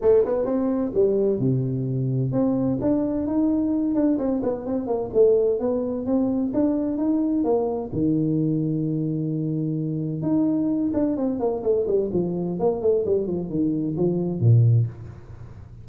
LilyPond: \new Staff \with { instrumentName = "tuba" } { \time 4/4 \tempo 4 = 129 a8 b8 c'4 g4 c4~ | c4 c'4 d'4 dis'4~ | dis'8 d'8 c'8 b8 c'8 ais8 a4 | b4 c'4 d'4 dis'4 |
ais4 dis2.~ | dis2 dis'4. d'8 | c'8 ais8 a8 g8 f4 ais8 a8 | g8 f8 dis4 f4 ais,4 | }